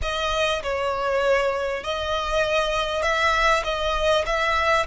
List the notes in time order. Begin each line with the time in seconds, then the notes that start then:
0.02 D#5
0.62 C#5
1.83 D#5
3.02 E5
3.64 D#5
4.26 E5